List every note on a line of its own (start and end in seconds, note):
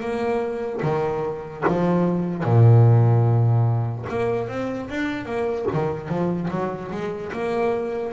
0.00 0.81 A#3
0.83 1.64 D#3
1.68 2.44 F3
2.44 4.06 A#2
4.09 4.48 A#3
4.48 4.89 C4
4.89 5.25 D4
5.25 5.66 A#3
5.73 6.08 D#3
6.08 6.49 F3
6.50 6.91 F#3
6.91 7.32 G#3
7.32 8.13 A#3